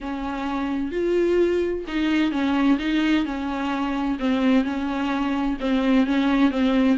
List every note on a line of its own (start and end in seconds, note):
0.00 0.91 C#4
0.91 1.84 F4
1.87 2.31 D#4
2.31 2.78 C#4
2.78 3.25 D#4
3.25 4.18 C#4
4.19 4.64 C4
4.64 5.57 C#4
5.60 6.06 C4
6.06 6.51 C#4
6.51 6.97 C4